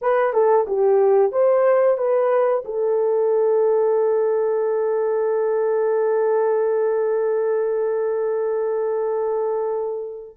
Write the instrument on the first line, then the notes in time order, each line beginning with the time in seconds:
horn
0.01 B4
0.33 A4
0.67 G4
1.32 C5
1.97 B4
2.64 A4